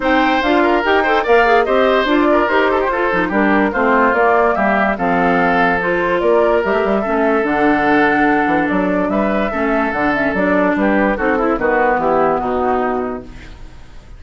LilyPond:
<<
  \new Staff \with { instrumentName = "flute" } { \time 4/4 \tempo 4 = 145 g''4 f''4 g''4 f''4 | dis''4 d''4 c''2 | ais'4 c''4 d''4 e''4 | f''2 c''4 d''4 |
e''2 fis''2~ | fis''4 d''4 e''2 | fis''8 e''8 d''4 b'4 a'4 | b'4 g'4 fis'2 | }
  \new Staff \with { instrumentName = "oboe" } { \time 4/4 c''4. ais'4 c''8 d''4 | c''4. ais'4 a'16 g'16 a'4 | g'4 f'2 g'4 | a'2. ais'4~ |
ais'4 a'2.~ | a'2 b'4 a'4~ | a'2 g'4 fis'8 e'8 | fis'4 e'4 dis'2 | }
  \new Staff \with { instrumentName = "clarinet" } { \time 4/4 dis'4 f'4 g'8 a'8 ais'8 gis'8 | g'4 f'4 g'4 f'8 dis'8 | d'4 c'4 ais2 | c'2 f'2 |
g'4 cis'4 d'2~ | d'2. cis'4 | d'8 cis'8 d'2 dis'8 e'8 | b1 | }
  \new Staff \with { instrumentName = "bassoon" } { \time 4/4 c'4 d'4 dis'4 ais4 | c'4 d'4 dis'4 f'8 f8 | g4 a4 ais4 g4 | f2. ais4 |
g16 a16 g8 a4 d2~ | d8 e8 fis4 g4 a4 | d4 fis4 g4 c'4 | dis4 e4 b,2 | }
>>